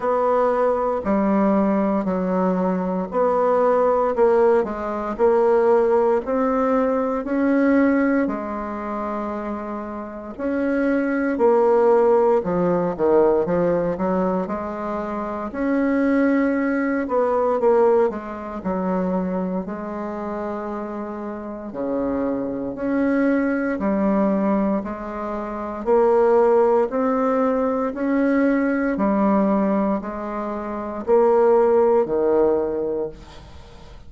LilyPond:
\new Staff \with { instrumentName = "bassoon" } { \time 4/4 \tempo 4 = 58 b4 g4 fis4 b4 | ais8 gis8 ais4 c'4 cis'4 | gis2 cis'4 ais4 | f8 dis8 f8 fis8 gis4 cis'4~ |
cis'8 b8 ais8 gis8 fis4 gis4~ | gis4 cis4 cis'4 g4 | gis4 ais4 c'4 cis'4 | g4 gis4 ais4 dis4 | }